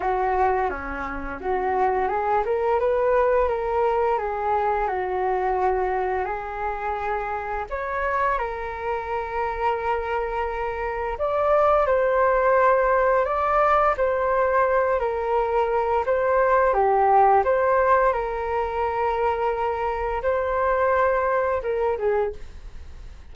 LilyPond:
\new Staff \with { instrumentName = "flute" } { \time 4/4 \tempo 4 = 86 fis'4 cis'4 fis'4 gis'8 ais'8 | b'4 ais'4 gis'4 fis'4~ | fis'4 gis'2 cis''4 | ais'1 |
d''4 c''2 d''4 | c''4. ais'4. c''4 | g'4 c''4 ais'2~ | ais'4 c''2 ais'8 gis'8 | }